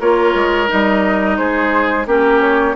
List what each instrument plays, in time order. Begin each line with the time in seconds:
0.00 bassoon A#3, clarinet F4, oboe A#4, flute C#5
0.34 bassoon G#3
0.67 bassoon G3, clarinet D#4, flute D#5
1.37 bassoon G#3, oboe G#4, flute C5
2.06 bassoon A#3, clarinet C#4, oboe G4, flute A#4
2.41 flute C#5